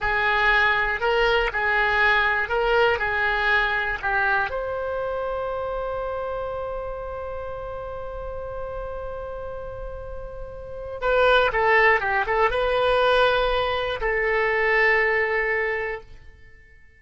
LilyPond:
\new Staff \with { instrumentName = "oboe" } { \time 4/4 \tempo 4 = 120 gis'2 ais'4 gis'4~ | gis'4 ais'4 gis'2 | g'4 c''2.~ | c''1~ |
c''1~ | c''2 b'4 a'4 | g'8 a'8 b'2. | a'1 | }